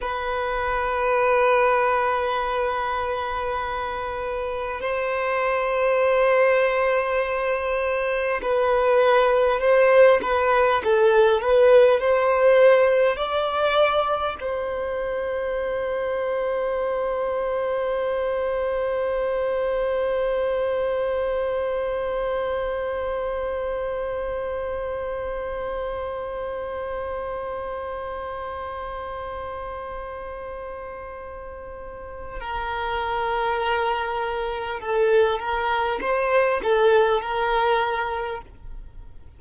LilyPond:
\new Staff \with { instrumentName = "violin" } { \time 4/4 \tempo 4 = 50 b'1 | c''2. b'4 | c''8 b'8 a'8 b'8 c''4 d''4 | c''1~ |
c''1~ | c''1~ | c''2. ais'4~ | ais'4 a'8 ais'8 c''8 a'8 ais'4 | }